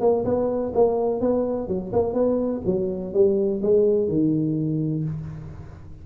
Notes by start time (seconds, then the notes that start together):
0.00 A#3
0.24 B3
0.74 A#3
1.20 B3
1.68 F#3
1.93 A#3
2.13 B3
2.65 F#3
3.13 G3
3.62 G#3
4.08 D#3